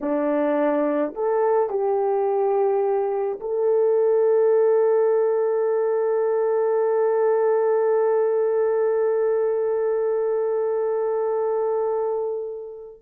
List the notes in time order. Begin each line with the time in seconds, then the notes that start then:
0.00 D4
1.14 A4
1.69 G4
3.40 A4